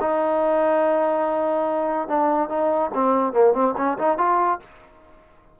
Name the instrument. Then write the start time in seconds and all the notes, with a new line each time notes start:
trombone
0.00 D#4
2.08 D4
2.49 D#4
2.94 C4
3.33 A#3
3.53 C4
3.77 C#4
3.98 D#4
4.18 F4